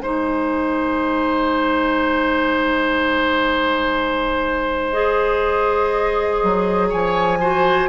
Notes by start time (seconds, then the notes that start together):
0.00 G#3 D#4 C5 G#5
4.91 G#4 D#5
6.43 F#3
6.89 F3 C#5 G#5
7.40 F#4 C5